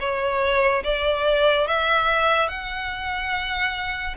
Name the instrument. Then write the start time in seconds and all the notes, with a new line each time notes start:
violin
0.00 C#5
0.84 D5
1.67 E5
2.49 F#5